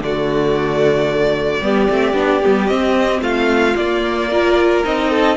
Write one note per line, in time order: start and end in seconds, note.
0.00 1.61 D3
0.00 1.62 A3
0.00 1.64 F#4
0.00 2.67 D5
1.61 1.88 G3
1.61 1.88 B3
1.61 3.22 G4
1.89 2.14 A3
1.89 2.14 C4
2.14 2.41 B3
2.14 2.41 D4
2.43 2.71 G3
2.43 2.68 B3
2.67 3.75 C4
2.67 3.21 C4
2.67 3.20 D#5
3.21 3.75 A3
3.21 4.29 F4
3.21 3.76 F5
3.77 4.84 A#3
3.77 4.32 A#3
3.77 4.84 D5
4.31 4.84 F4
4.31 5.10 A#4
4.84 5.37 C4
4.84 5.37 D#4
4.84 5.37 D#5
5.10 5.37 A4